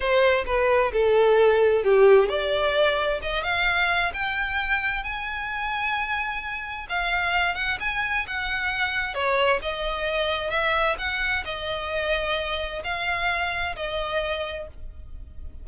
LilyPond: \new Staff \with { instrumentName = "violin" } { \time 4/4 \tempo 4 = 131 c''4 b'4 a'2 | g'4 d''2 dis''8 f''8~ | f''4 g''2 gis''4~ | gis''2. f''4~ |
f''8 fis''8 gis''4 fis''2 | cis''4 dis''2 e''4 | fis''4 dis''2. | f''2 dis''2 | }